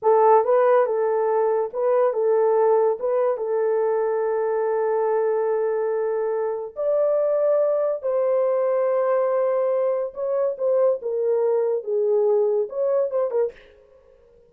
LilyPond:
\new Staff \with { instrumentName = "horn" } { \time 4/4 \tempo 4 = 142 a'4 b'4 a'2 | b'4 a'2 b'4 | a'1~ | a'1 |
d''2. c''4~ | c''1 | cis''4 c''4 ais'2 | gis'2 cis''4 c''8 ais'8 | }